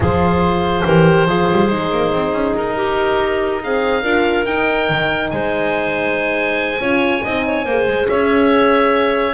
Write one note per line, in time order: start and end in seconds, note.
0.00 0.82 F3
0.00 0.86 F4
0.00 0.85 G#4
0.00 2.56 C5
0.85 1.25 E3
0.85 1.28 G4
0.85 1.27 A#4
1.25 1.46 F3
1.25 1.69 F4
1.25 2.76 G#4
1.51 1.70 G3
1.69 1.91 G#3
1.69 3.60 D#4
1.91 2.12 A#3
2.12 2.32 C4
2.32 2.53 C#4
2.56 4.03 D#4
2.56 3.62 A#4
2.76 3.61 G4
3.62 4.03 C4
3.62 4.02 G#4
3.62 4.45 F5
4.02 4.46 D4
4.02 4.45 F4
4.02 5.29 A#4
4.45 6.79 D#4
4.45 4.89 D#4
4.45 5.30 G5
4.89 5.31 D#3
5.30 6.79 G#3
5.30 6.82 C5
5.30 8.06 G#5
6.79 7.21 C#4
6.79 7.23 F4
6.79 7.23 C#5
7.23 7.65 C4
7.23 7.67 D#4
7.23 7.45 D#5
7.46 7.64 C#5
7.64 7.86 A#3
7.64 9.33 G#4
7.64 8.07 C5
7.87 8.08 G#3
8.08 9.33 C#4
8.08 9.33 C#5
8.08 9.33 E5